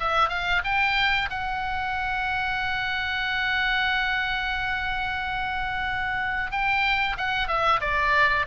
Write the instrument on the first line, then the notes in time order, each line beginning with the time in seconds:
oboe
0.00 E5
0.29 F5
0.64 G5
1.30 F#5
6.51 G5
7.17 F#5
7.48 E5
7.81 D5